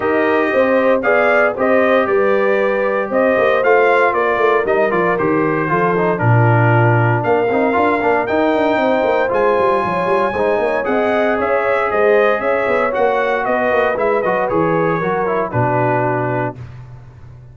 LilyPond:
<<
  \new Staff \with { instrumentName = "trumpet" } { \time 4/4 \tempo 4 = 116 dis''2 f''4 dis''4 | d''2 dis''4 f''4 | d''4 dis''8 d''8 c''2 | ais'2 f''2 |
g''2 gis''2~ | gis''4 fis''4 e''4 dis''4 | e''4 fis''4 dis''4 e''8 dis''8 | cis''2 b'2 | }
  \new Staff \with { instrumentName = "horn" } { \time 4/4 ais'4 c''4 d''4 c''4 | b'2 c''2 | ais'2. a'4 | f'2 ais'2~ |
ais'4 c''2 cis''4 | c''8 cis''8 dis''4 cis''4 c''4 | cis''2 b'2~ | b'4 ais'4 fis'2 | }
  \new Staff \with { instrumentName = "trombone" } { \time 4/4 g'2 gis'4 g'4~ | g'2. f'4~ | f'4 dis'8 f'8 g'4 f'8 dis'8 | d'2~ d'8 dis'8 f'8 d'8 |
dis'2 f'2 | dis'4 gis'2.~ | gis'4 fis'2 e'8 fis'8 | gis'4 fis'8 e'8 d'2 | }
  \new Staff \with { instrumentName = "tuba" } { \time 4/4 dis'4 c'4 b4 c'4 | g2 c'8 ais8 a4 | ais8 a8 g8 f8 dis4 f4 | ais,2 ais8 c'8 d'8 ais8 |
dis'8 d'8 c'8 ais8 gis8 g8 f8 g8 | gis8 ais8 c'4 cis'4 gis4 | cis'8 b8 ais4 b8 ais8 gis8 fis8 | e4 fis4 b,2 | }
>>